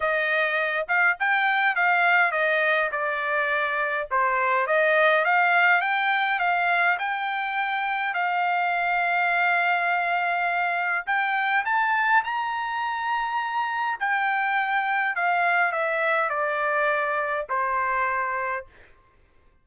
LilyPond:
\new Staff \with { instrumentName = "trumpet" } { \time 4/4 \tempo 4 = 103 dis''4. f''8 g''4 f''4 | dis''4 d''2 c''4 | dis''4 f''4 g''4 f''4 | g''2 f''2~ |
f''2. g''4 | a''4 ais''2. | g''2 f''4 e''4 | d''2 c''2 | }